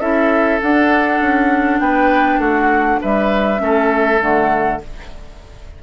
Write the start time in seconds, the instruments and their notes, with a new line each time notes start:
0.00 bassoon C#4, clarinet E4, oboe A4, flute E5
0.62 bassoon D4, clarinet D4, flute F#5
1.21 bassoon C#4
1.80 bassoon B3, oboe B4, flute G5
2.38 bassoon A3, oboe F#4, flute F#5
3.02 bassoon G3, oboe B4, flute E5
3.57 bassoon A3, clarinet C#4, oboe A4
4.21 bassoon D3, clarinet A3, flute F#5